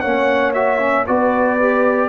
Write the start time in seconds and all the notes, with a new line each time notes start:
0.00 A#3 C#4 C#5 F#5
0.53 F#4 E5
0.79 C#4
1.07 B3 F#4 B4 D5
1.59 G4